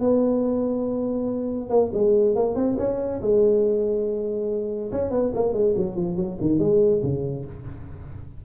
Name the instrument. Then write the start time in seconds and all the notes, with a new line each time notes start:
tuba
0.00 B3
1.70 A#3
1.93 G#3
2.35 A#3
2.55 C4
2.78 C#4
3.21 G#3
4.91 C#4
5.10 B3
5.34 A#3
5.53 G#3
5.77 F#3
5.96 F3
6.16 F#3
6.40 D#3
6.59 G#3
7.02 C#3